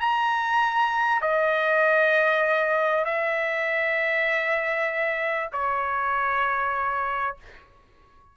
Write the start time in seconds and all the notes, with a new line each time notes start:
0.00 A#5
1.21 D#5
3.05 E5
5.53 C#5